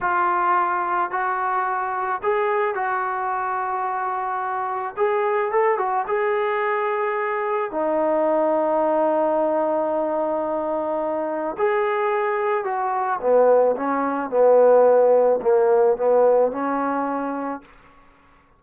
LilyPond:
\new Staff \with { instrumentName = "trombone" } { \time 4/4 \tempo 4 = 109 f'2 fis'2 | gis'4 fis'2.~ | fis'4 gis'4 a'8 fis'8 gis'4~ | gis'2 dis'2~ |
dis'1~ | dis'4 gis'2 fis'4 | b4 cis'4 b2 | ais4 b4 cis'2 | }